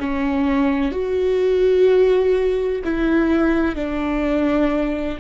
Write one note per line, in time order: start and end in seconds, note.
0.00 0.92 C#4
0.92 2.82 F#4
2.84 3.75 E4
3.75 5.18 D4